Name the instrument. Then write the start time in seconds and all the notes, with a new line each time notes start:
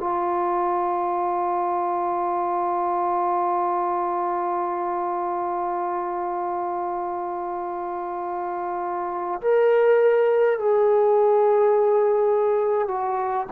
trombone
0.00 F4
9.42 A#4
10.59 G#4
12.88 F#4